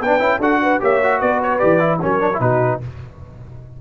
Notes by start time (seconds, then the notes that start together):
0.00 B3 D4 B4 G5
0.19 C#4 E4
0.39 D4 F#4 A4 F#5
0.62 B4
0.80 A#3 G4 C#5 E5
1.03 F#4
1.19 B3 B4 D5
1.42 C#5
1.58 E3 G4 D5
1.79 E4
2.01 F#3 C#4 A#4 C#5
2.20 D4
2.33 E4
2.39 B2 D#4 F#4 B4